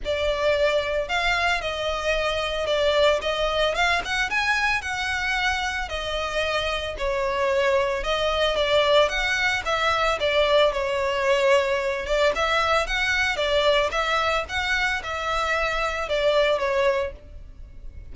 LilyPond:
\new Staff \with { instrumentName = "violin" } { \time 4/4 \tempo 4 = 112 d''2 f''4 dis''4~ | dis''4 d''4 dis''4 f''8 fis''8 | gis''4 fis''2 dis''4~ | dis''4 cis''2 dis''4 |
d''4 fis''4 e''4 d''4 | cis''2~ cis''8 d''8 e''4 | fis''4 d''4 e''4 fis''4 | e''2 d''4 cis''4 | }